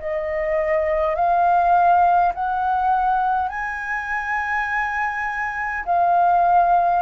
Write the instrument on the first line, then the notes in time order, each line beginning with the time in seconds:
flute
0.00 D#5
1.16 F5
2.35 F#5
3.49 G#5
5.86 F5